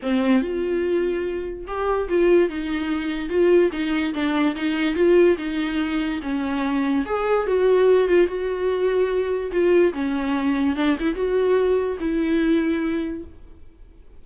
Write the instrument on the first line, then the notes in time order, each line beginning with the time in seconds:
viola
0.02 C4
0.41 F4
1.67 G4
2.08 F4
2.49 D#4
3.29 F4
3.72 D#4
4.14 D4
4.55 D#4
4.95 F4
5.37 D#4
6.22 C#4
7.05 G#4
7.47 F#4
8.07 F4
8.27 F#4
9.51 F4
9.93 C#4
10.75 D4
10.99 E4
11.15 F#4
12.00 E4